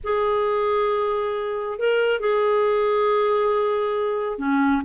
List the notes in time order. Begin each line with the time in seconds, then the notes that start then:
0.03 G#4
1.79 A#4
2.20 G#4
4.38 C#4